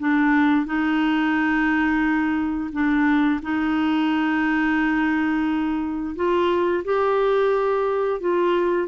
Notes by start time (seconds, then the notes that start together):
0.00 D4
0.67 D#4
2.73 D4
3.43 D#4
6.16 F4
6.85 G4
8.21 F4